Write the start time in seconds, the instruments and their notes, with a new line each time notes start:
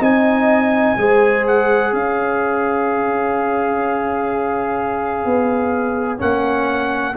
0.00 tuba C4, trombone D#4, horn D#5, trumpet G#5
0.98 tuba G#3, trombone G#4, horn C5
1.47 trumpet F#5
1.93 tuba C#4, horn C#5, trumpet F5
5.25 tuba B3
6.19 tuba A#3, trombone C#4, trumpet F#5